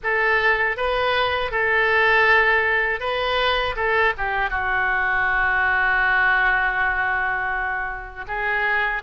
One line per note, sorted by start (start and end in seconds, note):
0.03 0.77 A4
0.77 1.51 B4
1.51 3.00 A4
3.00 3.75 B4
3.76 4.13 A4
4.17 4.50 G4
4.50 8.25 F#4
8.27 9.02 G#4